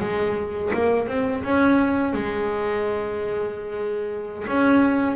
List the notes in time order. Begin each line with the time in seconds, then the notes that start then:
0.00 G#3
0.73 A#3
1.07 C4
1.44 C#4
2.13 G#3
4.47 C#4